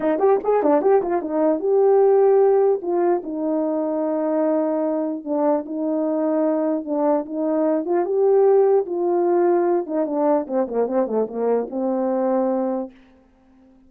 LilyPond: \new Staff \with { instrumentName = "horn" } { \time 4/4 \tempo 4 = 149 dis'8 g'8 gis'8 d'8 g'8 f'8 dis'4 | g'2. f'4 | dis'1~ | dis'4 d'4 dis'2~ |
dis'4 d'4 dis'4. f'8 | g'2 f'2~ | f'8 dis'8 d'4 c'8 ais8 c'8 a8 | ais4 c'2. | }